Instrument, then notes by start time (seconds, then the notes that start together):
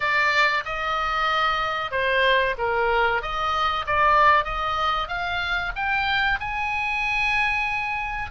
oboe
0.00 D5
0.65 D#5
1.91 C5
2.58 A#4
3.21 D#5
3.86 D5
4.44 D#5
5.08 F5
5.75 G5
6.40 G#5